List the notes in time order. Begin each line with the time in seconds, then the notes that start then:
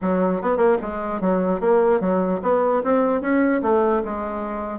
0.01 F#3
0.41 B3
0.57 A#3
0.81 G#3
1.20 F#3
1.60 A#3
2.00 F#3
2.42 B3
2.83 C4
3.21 C#4
3.62 A3
4.05 G#3